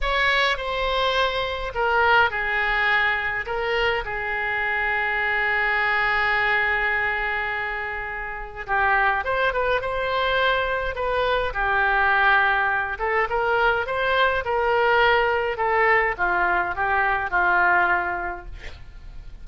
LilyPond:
\new Staff \with { instrumentName = "oboe" } { \time 4/4 \tempo 4 = 104 cis''4 c''2 ais'4 | gis'2 ais'4 gis'4~ | gis'1~ | gis'2. g'4 |
c''8 b'8 c''2 b'4 | g'2~ g'8 a'8 ais'4 | c''4 ais'2 a'4 | f'4 g'4 f'2 | }